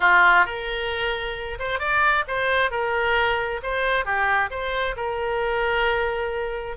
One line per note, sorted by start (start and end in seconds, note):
0.00 0.45 F4
0.45 1.58 A#4
1.59 1.79 C5
1.79 2.24 D5
2.27 2.70 C5
2.70 3.60 A#4
3.63 4.05 C5
4.05 4.50 G4
4.50 4.95 C5
4.96 6.76 A#4